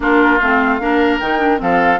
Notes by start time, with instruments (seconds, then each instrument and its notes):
0.00 bassoon A#3, clarinet D4, oboe F4, flute A#4
0.38 bassoon A3, clarinet C4, flute F5
0.80 bassoon A#3, clarinet D4, oboe A#4
1.19 bassoon D#3, clarinet D#4, flute G5
1.38 clarinet D4
1.57 bassoon F3, clarinet C4, oboe A4, flute F5